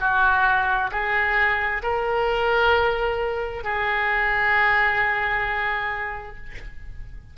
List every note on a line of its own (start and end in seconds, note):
0.00 0.91 F#4
0.92 1.83 G#4
1.83 3.64 A#4
3.64 6.37 G#4